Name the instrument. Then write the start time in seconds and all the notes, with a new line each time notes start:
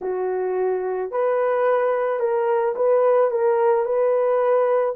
horn
0.01 F#4
1.11 B4
2.19 A#4
2.75 B4
3.30 A#4
3.85 B4